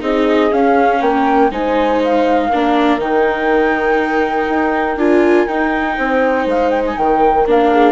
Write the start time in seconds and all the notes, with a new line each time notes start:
0.00 C4 D#4 G#4 D#5
0.50 C#4 F5
1.01 A#3 A#4 G5
1.51 G#3 D#4 C5 G#5
2.04 F5
2.49 A#3 D4 A#4
2.98 D#3 D#4 G5
4.49 D#4
4.97 D4 F4 G#5
5.47 D#4 G5
5.97 C4 C5
6.46 G#3 F5
6.70 G5
6.86 G#5
6.97 D#3 A#4 G5
7.47 A#3 D4 F5
7.72 G#4